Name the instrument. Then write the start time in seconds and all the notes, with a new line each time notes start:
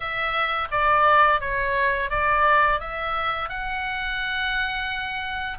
oboe
0.00 E5
0.71 D5
1.40 C#5
2.10 D5
2.80 E5
3.49 F#5